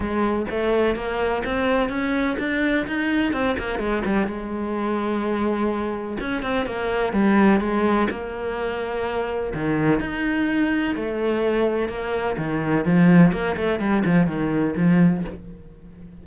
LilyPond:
\new Staff \with { instrumentName = "cello" } { \time 4/4 \tempo 4 = 126 gis4 a4 ais4 c'4 | cis'4 d'4 dis'4 c'8 ais8 | gis8 g8 gis2.~ | gis4 cis'8 c'8 ais4 g4 |
gis4 ais2. | dis4 dis'2 a4~ | a4 ais4 dis4 f4 | ais8 a8 g8 f8 dis4 f4 | }